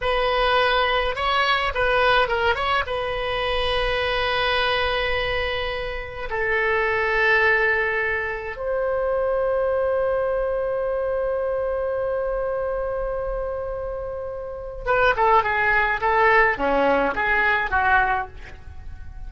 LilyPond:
\new Staff \with { instrumentName = "oboe" } { \time 4/4 \tempo 4 = 105 b'2 cis''4 b'4 | ais'8 cis''8 b'2.~ | b'2. a'4~ | a'2. c''4~ |
c''1~ | c''1~ | c''2 b'8 a'8 gis'4 | a'4 cis'4 gis'4 fis'4 | }